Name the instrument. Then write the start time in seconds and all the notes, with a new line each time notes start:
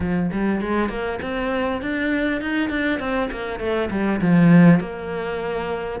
cello
0.00 F3
0.32 G3
0.61 G#3
0.89 A#3
1.22 C4
1.81 D4
2.41 D#4
2.69 D4
2.99 C4
3.31 A#3
3.59 A3
3.90 G3
4.21 F3
4.80 A#3